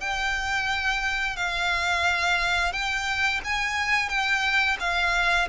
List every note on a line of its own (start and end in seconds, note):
0.00 1.36 G5
1.36 2.72 F5
2.72 3.41 G5
3.44 4.09 G#5
4.09 4.77 G5
4.80 5.48 F5